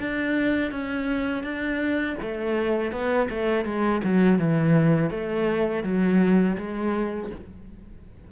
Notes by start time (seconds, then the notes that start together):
0.00 D4
0.72 C#4
1.44 D4
2.23 A3
2.92 B3
3.31 A3
3.66 G#3
4.04 F#3
4.39 E3
5.11 A3
5.84 F#3
6.58 G#3